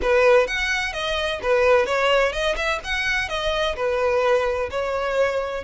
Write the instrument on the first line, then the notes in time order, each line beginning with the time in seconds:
violin
0.01 B4
0.47 F#5
0.93 D#5
1.42 B4
1.86 C#5
2.32 D#5
2.56 E5
2.84 F#5
3.28 D#5
3.75 B4
4.70 C#5